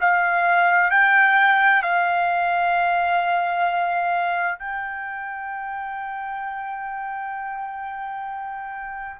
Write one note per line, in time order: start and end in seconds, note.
0.00 0.90 F5
0.90 1.82 G5
1.82 4.59 F5
4.59 9.19 G5